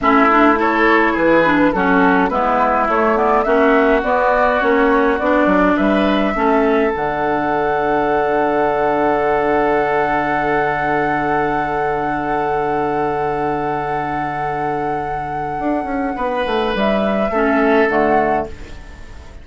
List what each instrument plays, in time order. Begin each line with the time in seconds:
0.00 bassoon A3, clarinet C#4, oboe E4, flute E5
0.30 clarinet D4
0.55 clarinet E4, oboe A4, flute C#5
1.12 bassoon E3, oboe G#4, flute B4
1.44 clarinet D4
1.72 bassoon F#3, clarinet C#4, oboe F#4, flute A4
2.29 bassoon G#3, clarinet B3, oboe E4, flute B4
2.88 bassoon A3, clarinet A3, flute C#5
3.15 clarinet B3, flute D5
3.43 bassoon A#3, clarinet C#4, oboe F#4, flute E5
4.03 bassoon B3, clarinet B3, flute D5
4.60 bassoon A#3, clarinet C#4, flute C#5
5.19 bassoon B3, clarinet D4, flute D5
5.46 bassoon F#3
5.76 bassoon G3, oboe B4, flute E5
6.34 bassoon A3, clarinet C#4, oboe A4
6.91 bassoon D3, clarinet D4, flute F#5
15.59 bassoon D4
15.84 bassoon C#4
16.15 bassoon B3, oboe B4
16.46 bassoon A3
16.75 bassoon G3, flute E5
17.30 bassoon A3, clarinet C#4, oboe A4
17.88 bassoon D3, clarinet A3, flute F#5